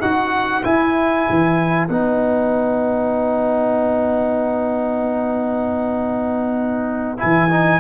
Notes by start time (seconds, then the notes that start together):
0.00 D#4 F#4 B4 F#5
0.64 E4 G#5
1.30 E3
1.88 B3 D#4 F#5
7.18 E3 E4 G#5
7.50 D#4